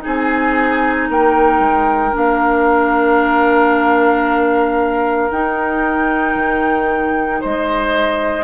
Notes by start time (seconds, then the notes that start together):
0.00 D#4 G#4 G#5
0.06 C4
1.09 A#3 A#4 G5
1.59 G#3
2.13 A#3 D4 F5
5.30 D#4 G5
6.35 D#3
7.41 G#3 C5 D#5